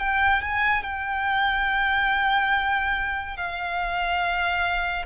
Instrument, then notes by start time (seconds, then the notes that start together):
violin
0.00 G5
0.42 G#5
0.84 G5
3.37 F5